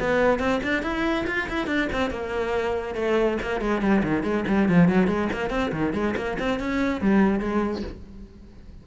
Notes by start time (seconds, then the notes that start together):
0.00 B3
0.39 C4
0.63 D4
0.83 E4
1.27 F4
1.49 E4
1.67 D4
1.93 C4
2.11 A#3
2.95 A3
3.42 A#3
3.61 G#3
3.81 G3
4.04 D#3
4.23 G#3
4.48 G3
4.69 F3
4.89 F#3
5.08 G#3
5.33 A#3
5.50 C4
5.72 D#3
5.94 G#3
6.17 A#3
6.40 C4
6.60 C#4
7.01 G3
7.40 G#3